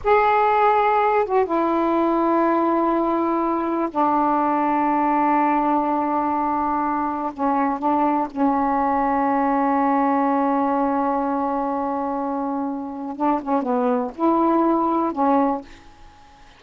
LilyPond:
\new Staff \with { instrumentName = "saxophone" } { \time 4/4 \tempo 4 = 123 gis'2~ gis'8 fis'8 e'4~ | e'1 | d'1~ | d'2. cis'4 |
d'4 cis'2.~ | cis'1~ | cis'2. d'8 cis'8 | b4 e'2 cis'4 | }